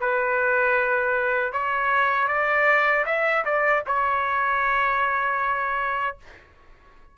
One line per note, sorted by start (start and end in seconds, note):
0.00 1.53 B4
1.53 2.28 C#5
2.28 3.05 D5
3.06 3.44 E5
3.45 3.84 D5
3.87 6.17 C#5